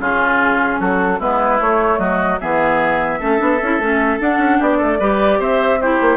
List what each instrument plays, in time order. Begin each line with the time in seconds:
0.00 bassoon C#3, clarinet C#4, oboe F4, flute G#4
0.80 bassoon F#3, oboe F#4, flute A4
1.20 bassoon G#3, clarinet B3, oboe E4, flute B4
1.60 clarinet A3, bassoon A3, flute C#5
1.99 bassoon F#3, oboe F#4, flute D#5
2.40 bassoon E3, clarinet B3, oboe G#4, flute E5
3.20 bassoon A3, clarinet C#4, oboe A4
3.38 bassoon B3, clarinet D4
3.62 bassoon C#4, clarinet E4
3.79 bassoon A3, clarinet C#4
4.20 clarinet D4, bassoon D4, flute F#5
4.38 bassoon C#4
4.59 bassoon B3, oboe G4, flute D5
4.78 bassoon A3, oboe A4
5.00 bassoon G3, clarinet G4, oboe B4
5.39 bassoon C4, oboe C5, flute E5
5.81 clarinet E4, oboe G4, flute C5
6.02 bassoon A#3